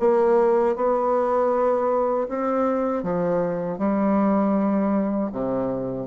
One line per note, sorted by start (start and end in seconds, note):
0.00 0.76 A#3
0.76 2.28 B3
2.29 3.03 C4
3.03 3.78 F3
3.78 5.30 G3
5.32 6.07 C3